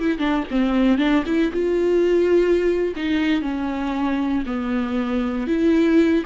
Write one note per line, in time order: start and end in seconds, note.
0.00 0.19 E4
0.19 0.44 D4
0.51 0.99 C4
0.99 1.24 D4
1.27 1.52 E4
1.53 2.94 F4
2.97 3.42 D#4
3.42 4.45 C#4
4.47 5.48 B3
5.48 6.24 E4